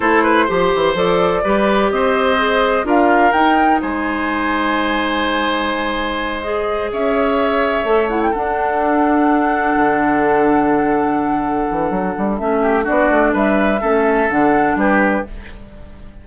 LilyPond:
<<
  \new Staff \with { instrumentName = "flute" } { \time 4/4 \tempo 4 = 126 c''2 d''2 | dis''2 f''4 g''4 | gis''1~ | gis''4. dis''4 e''4.~ |
e''4 fis''16 g''16 fis''2~ fis''8~ | fis''1~ | fis''2 e''4 d''4 | e''2 fis''4 b'4 | }
  \new Staff \with { instrumentName = "oboe" } { \time 4/4 a'8 b'8 c''2 b'4 | c''2 ais'2 | c''1~ | c''2~ c''8 cis''4.~ |
cis''4. a'2~ a'8~ | a'1~ | a'2~ a'8 g'8 fis'4 | b'4 a'2 g'4 | }
  \new Staff \with { instrumentName = "clarinet" } { \time 4/4 e'4 g'4 a'4 g'4~ | g'4 gis'4 f'4 dis'4~ | dis'1~ | dis'4. gis'2~ gis'8~ |
gis'8 a'8 e'8 d'2~ d'8~ | d'1~ | d'2 cis'4 d'4~ | d'4 cis'4 d'2 | }
  \new Staff \with { instrumentName = "bassoon" } { \time 4/4 a4 f8 e8 f4 g4 | c'2 d'4 dis'4 | gis1~ | gis2~ gis8 cis'4.~ |
cis'8 a4 d'2~ d'8~ | d'8 d2.~ d8~ | d8 e8 fis8 g8 a4 b8 a8 | g4 a4 d4 g4 | }
>>